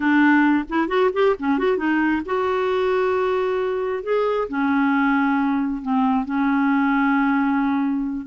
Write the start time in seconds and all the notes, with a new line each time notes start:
0.00 D4
0.69 E4
0.88 F#4
1.13 G4
1.39 C#4
1.58 F#4
1.77 D#4
2.25 F#4
4.03 G#4
4.48 C#4
5.82 C4
6.25 C#4